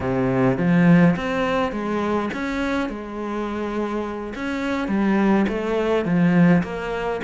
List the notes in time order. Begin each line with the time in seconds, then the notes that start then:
0.00 C3
0.57 F3
1.16 C4
1.72 G#3
2.33 C#4
2.89 G#3
4.35 C#4
4.88 G3
5.48 A3
6.05 F3
6.63 A#3